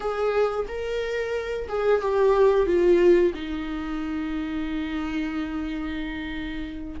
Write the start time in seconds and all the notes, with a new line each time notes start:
0.00 G#4
0.68 A#4
1.68 G#4
2.01 G4
2.66 F4
3.33 D#4